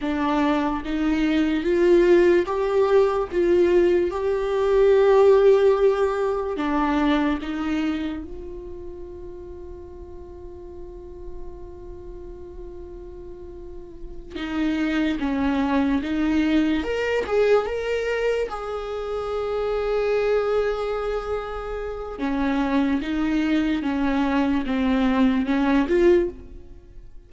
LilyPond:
\new Staff \with { instrumentName = "viola" } { \time 4/4 \tempo 4 = 73 d'4 dis'4 f'4 g'4 | f'4 g'2. | d'4 dis'4 f'2~ | f'1~ |
f'4. dis'4 cis'4 dis'8~ | dis'8 ais'8 gis'8 ais'4 gis'4.~ | gis'2. cis'4 | dis'4 cis'4 c'4 cis'8 f'8 | }